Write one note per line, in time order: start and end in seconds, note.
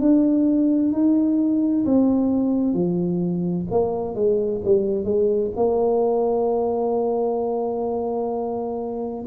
0.00 0.92 D4
0.92 1.85 D#4
1.85 2.73 C4
2.73 3.65 F3
3.71 4.15 A#3
4.15 4.61 G#3
4.64 5.04 G3
5.04 5.50 G#3
5.56 9.25 A#3